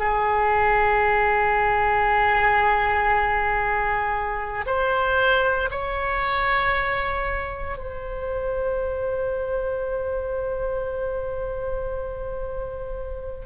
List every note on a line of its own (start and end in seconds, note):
0.00 4.66 G#4
4.66 5.70 C5
5.71 7.78 C#5
7.78 13.46 C5